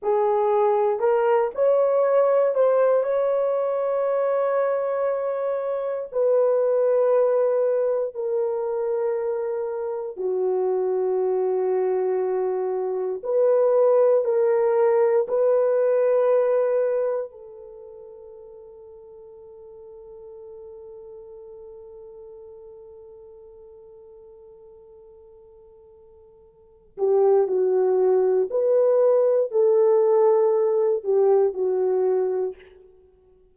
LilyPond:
\new Staff \with { instrumentName = "horn" } { \time 4/4 \tempo 4 = 59 gis'4 ais'8 cis''4 c''8 cis''4~ | cis''2 b'2 | ais'2 fis'2~ | fis'4 b'4 ais'4 b'4~ |
b'4 a'2.~ | a'1~ | a'2~ a'8 g'8 fis'4 | b'4 a'4. g'8 fis'4 | }